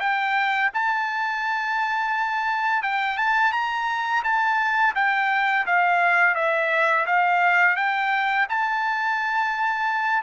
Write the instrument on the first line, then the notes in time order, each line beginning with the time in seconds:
trumpet
0.00 G5
0.74 A5
2.83 G5
3.17 A5
3.52 A#5
4.24 A5
4.95 G5
5.66 F5
6.35 E5
7.06 F5
7.76 G5
8.49 A5